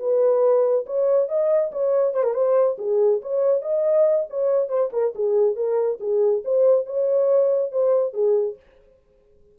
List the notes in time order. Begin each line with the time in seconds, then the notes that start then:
0.00 B4
0.87 C#5
1.29 D#5
1.72 C#5
2.14 C5
2.24 A#4
2.34 C5
2.79 G#4
3.22 C#5
3.62 D#5
4.30 C#5
4.69 C5
4.93 A#4
5.15 G#4
5.56 A#4
6.00 G#4
6.45 C5
6.86 C#5
7.72 C5
8.14 G#4